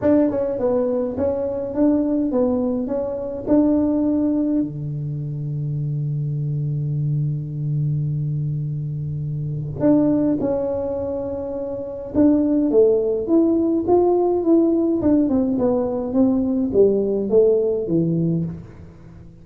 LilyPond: \new Staff \with { instrumentName = "tuba" } { \time 4/4 \tempo 4 = 104 d'8 cis'8 b4 cis'4 d'4 | b4 cis'4 d'2 | d1~ | d1~ |
d4 d'4 cis'2~ | cis'4 d'4 a4 e'4 | f'4 e'4 d'8 c'8 b4 | c'4 g4 a4 e4 | }